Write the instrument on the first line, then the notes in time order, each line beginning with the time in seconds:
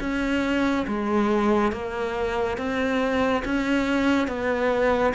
cello
0.00 C#4
0.87 G#3
1.72 A#3
2.58 C4
3.45 C#4
4.27 B3